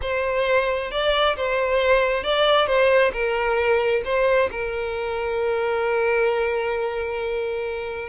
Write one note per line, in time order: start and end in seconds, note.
0.01 0.91 C5
0.91 1.36 D5
1.36 2.23 C5
2.23 2.66 D5
2.66 3.11 C5
3.12 4.02 A#4
4.04 4.49 C5
4.51 8.08 A#4